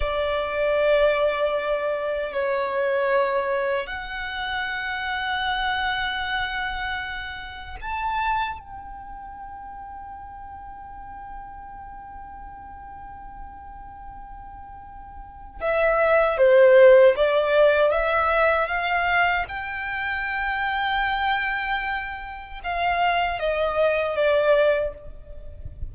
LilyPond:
\new Staff \with { instrumentName = "violin" } { \time 4/4 \tempo 4 = 77 d''2. cis''4~ | cis''4 fis''2.~ | fis''2 a''4 g''4~ | g''1~ |
g''1 | e''4 c''4 d''4 e''4 | f''4 g''2.~ | g''4 f''4 dis''4 d''4 | }